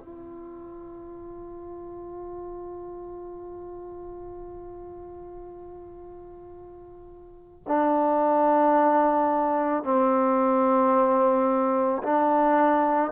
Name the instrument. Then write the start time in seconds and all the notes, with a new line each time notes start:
trombone
0.00 F4
7.68 D4
9.84 C4
12.03 D4